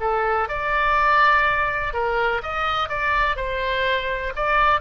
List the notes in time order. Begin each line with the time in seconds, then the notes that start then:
0.00 A4
0.48 D5
1.93 A#4
2.42 D#5
2.89 D5
3.36 C5
4.35 D5